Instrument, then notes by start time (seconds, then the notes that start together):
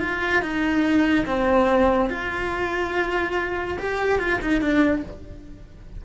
cello
0.00 F4
0.42 D#4
1.26 C4
2.10 F4
3.79 G4
4.19 F4
4.42 D#4
4.61 D4